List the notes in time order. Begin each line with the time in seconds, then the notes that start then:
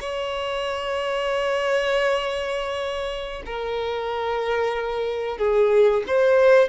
0.00 C#5
3.45 A#4
5.38 G#4
6.07 C5